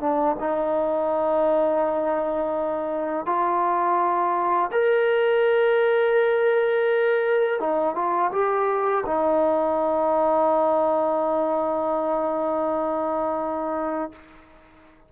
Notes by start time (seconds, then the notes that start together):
0.00 D4
0.39 D#4
3.26 F4
4.72 A#4
7.60 D#4
7.95 F4
8.32 G4
9.06 D#4